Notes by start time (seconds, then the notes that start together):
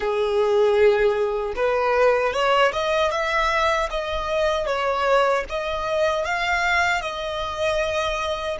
0.00 G#4
1.55 B4
2.33 C#5
2.72 D#5
3.11 E5
3.90 D#5
4.66 C#5
5.49 D#5
6.24 F5
7.01 D#5